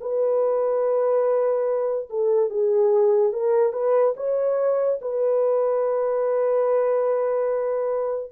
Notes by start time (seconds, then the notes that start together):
0.00 B4
2.09 A4
2.50 G#4
3.32 A#4
3.72 B4
4.16 C#5
5.01 B4